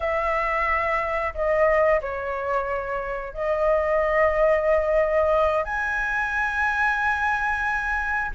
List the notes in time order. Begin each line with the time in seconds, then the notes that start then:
0.00 E5
1.34 D#5
2.01 C#5
3.33 D#5
5.64 G#5